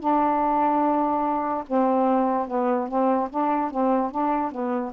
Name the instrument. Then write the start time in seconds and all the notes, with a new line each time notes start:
saxophone
0.00 D4
1.67 C4
2.47 B3
2.88 C4
3.30 D4
3.71 C4
4.11 D4
4.51 B3